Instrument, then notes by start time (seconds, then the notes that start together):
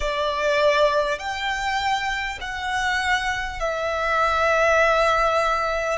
violin
0.00 D5
1.18 G5
2.41 F#5
3.59 E5